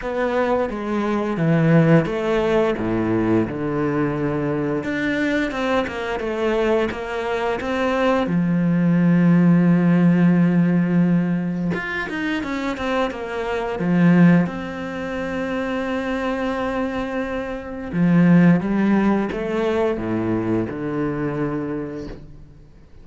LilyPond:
\new Staff \with { instrumentName = "cello" } { \time 4/4 \tempo 4 = 87 b4 gis4 e4 a4 | a,4 d2 d'4 | c'8 ais8 a4 ais4 c'4 | f1~ |
f4 f'8 dis'8 cis'8 c'8 ais4 | f4 c'2.~ | c'2 f4 g4 | a4 a,4 d2 | }